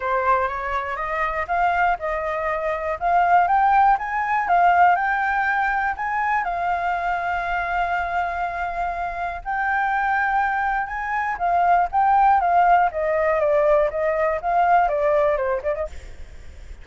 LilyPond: \new Staff \with { instrumentName = "flute" } { \time 4/4 \tempo 4 = 121 c''4 cis''4 dis''4 f''4 | dis''2 f''4 g''4 | gis''4 f''4 g''2 | gis''4 f''2.~ |
f''2. g''4~ | g''2 gis''4 f''4 | g''4 f''4 dis''4 d''4 | dis''4 f''4 d''4 c''8 d''16 dis''16 | }